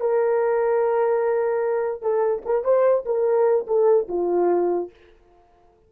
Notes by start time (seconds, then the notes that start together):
0.00 A#4
2.01 A4
2.45 A#4
2.64 C5
3.05 A#4
3.67 A4
4.08 F4